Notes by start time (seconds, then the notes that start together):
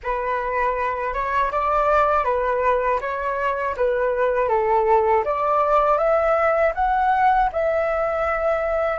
0.03 B4
1.13 C#5
1.51 D5
2.24 B4
3.00 C#5
3.77 B4
4.49 A4
5.24 D5
5.98 E5
6.75 F#5
7.52 E5